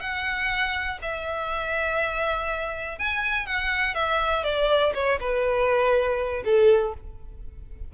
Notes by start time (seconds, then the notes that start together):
0.00 F#5
1.01 E5
2.98 G#5
3.46 F#5
3.94 E5
4.43 D5
4.94 C#5
5.20 B4
6.44 A4